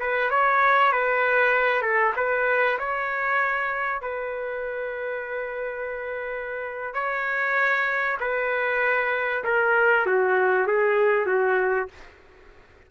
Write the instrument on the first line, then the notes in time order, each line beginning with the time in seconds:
trumpet
0.00 B4
0.30 C#5
0.93 B4
1.82 A4
2.16 B4
2.79 C#5
4.02 B4
6.94 C#5
8.20 B4
9.44 A#4
10.07 F#4
10.67 G#4
11.27 F#4